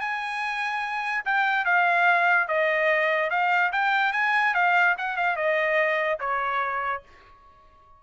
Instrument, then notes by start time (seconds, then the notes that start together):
trumpet
0.00 G#5
1.25 G5
1.65 F5
2.47 D#5
3.30 F5
3.72 G5
4.12 G#5
4.54 F5
4.97 F#5
5.16 F5
5.36 D#5
6.19 C#5